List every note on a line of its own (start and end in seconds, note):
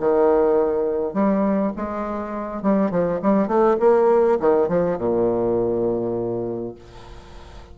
0.00 1.14 D#3
1.14 1.73 G3
1.76 2.63 G#3
2.63 2.91 G3
2.91 3.20 F3
3.22 3.48 G3
3.48 3.77 A3
3.80 4.39 A#3
4.40 4.69 D#3
4.69 4.98 F3
4.98 6.75 A#2